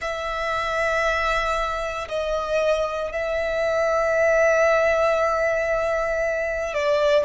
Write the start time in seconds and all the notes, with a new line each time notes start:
0.00 E5
2.08 D#5
3.12 E5
6.74 D5